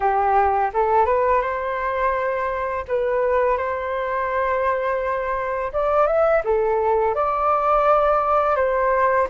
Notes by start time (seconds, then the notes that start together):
0.00 G4
0.73 A4
1.05 B4
1.41 C5
2.87 B4
3.57 C5
5.72 D5
6.06 E5
6.44 A4
7.14 D5
8.56 C5